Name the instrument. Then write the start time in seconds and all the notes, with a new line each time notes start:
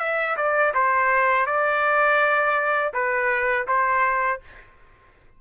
trumpet
0.00 E5
0.37 D5
0.75 C5
1.47 D5
2.94 B4
3.68 C5